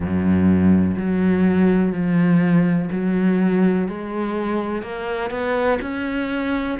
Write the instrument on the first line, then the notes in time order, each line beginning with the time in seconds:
cello
0.00 F#2
0.97 F#3
1.92 F3
2.91 F#3
3.88 G#3
4.82 A#3
5.30 B3
5.81 C#4